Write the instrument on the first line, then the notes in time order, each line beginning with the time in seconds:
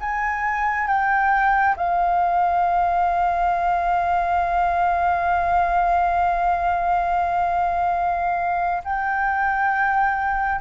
flute
0.00 G#5
0.87 G5
1.76 F5
8.84 G5